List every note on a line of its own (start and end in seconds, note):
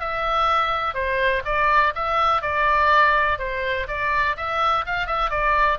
0.00 0.94 E5
0.94 1.43 C5
1.45 1.93 D5
1.95 2.42 E5
2.42 3.38 D5
3.38 3.87 C5
3.88 4.37 D5
4.37 4.85 E5
4.86 5.07 F5
5.07 5.30 E5
5.30 5.79 D5